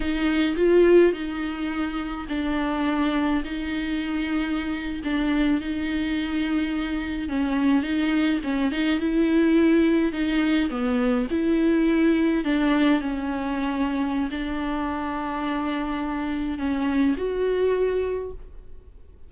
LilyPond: \new Staff \with { instrumentName = "viola" } { \time 4/4 \tempo 4 = 105 dis'4 f'4 dis'2 | d'2 dis'2~ | dis'8. d'4 dis'2~ dis'16~ | dis'8. cis'4 dis'4 cis'8 dis'8 e'16~ |
e'4.~ e'16 dis'4 b4 e'16~ | e'4.~ e'16 d'4 cis'4~ cis'16~ | cis'4 d'2.~ | d'4 cis'4 fis'2 | }